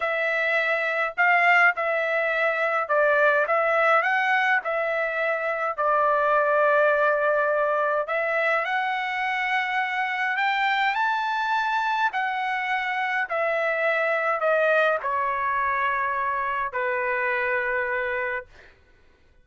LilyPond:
\new Staff \with { instrumentName = "trumpet" } { \time 4/4 \tempo 4 = 104 e''2 f''4 e''4~ | e''4 d''4 e''4 fis''4 | e''2 d''2~ | d''2 e''4 fis''4~ |
fis''2 g''4 a''4~ | a''4 fis''2 e''4~ | e''4 dis''4 cis''2~ | cis''4 b'2. | }